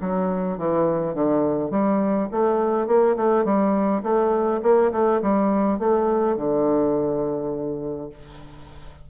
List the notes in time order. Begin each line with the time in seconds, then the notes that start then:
0.00 F#3
0.57 E3
1.14 D3
1.70 G3
2.31 A3
2.87 A#3
3.16 A3
3.44 G3
4.03 A3
4.62 A#3
4.91 A3
5.22 G3
5.78 A3
6.36 D3